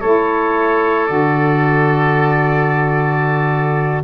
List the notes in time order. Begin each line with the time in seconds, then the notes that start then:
0.00 A3 E4 A4 C#5
1.06 D3 F#4 D5